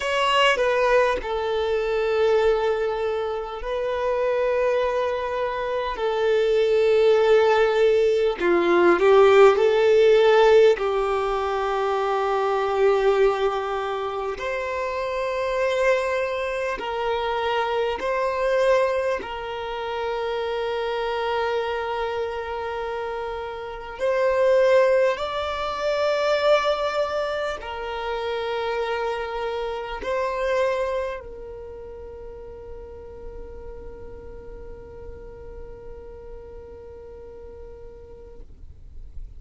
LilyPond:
\new Staff \with { instrumentName = "violin" } { \time 4/4 \tempo 4 = 50 cis''8 b'8 a'2 b'4~ | b'4 a'2 f'8 g'8 | a'4 g'2. | c''2 ais'4 c''4 |
ais'1 | c''4 d''2 ais'4~ | ais'4 c''4 ais'2~ | ais'1 | }